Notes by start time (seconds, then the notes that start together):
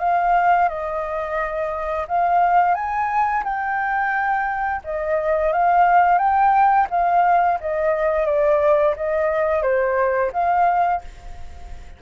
0.00 F5
0.69 D#5
2.08 F5
2.75 G#5
3.44 G5
4.85 D#5
5.53 F5
6.18 G5
6.91 F5
7.61 D#5
8.26 D5
8.97 D#5
9.63 C5
10.33 F5